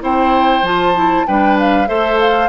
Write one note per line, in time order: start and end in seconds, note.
0.00 0.62 C4
0.00 0.62 E4
0.00 1.27 C5
0.00 0.65 G5
0.62 1.24 F3
0.62 0.95 F4
0.62 1.27 A5
0.95 1.26 E4
1.27 1.89 G3
1.27 1.87 D4
1.27 1.88 B4
1.27 1.58 G5
1.59 1.87 F5
1.87 2.49 A3
1.87 2.49 A4
1.87 2.49 C5
1.87 2.18 E5
2.20 2.49 F5